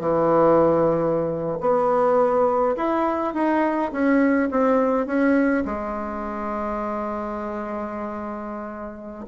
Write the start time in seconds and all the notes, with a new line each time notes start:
0.00 E3
1.61 B3
2.77 E4
3.34 D#4
3.92 C#4
4.51 C4
5.07 C#4
5.65 G#3